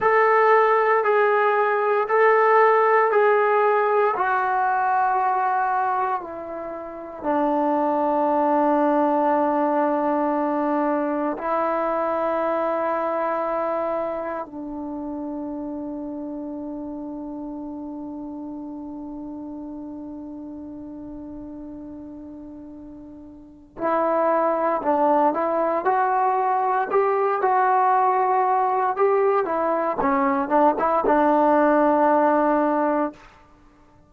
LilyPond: \new Staff \with { instrumentName = "trombone" } { \time 4/4 \tempo 4 = 58 a'4 gis'4 a'4 gis'4 | fis'2 e'4 d'4~ | d'2. e'4~ | e'2 d'2~ |
d'1~ | d'2. e'4 | d'8 e'8 fis'4 g'8 fis'4. | g'8 e'8 cis'8 d'16 e'16 d'2 | }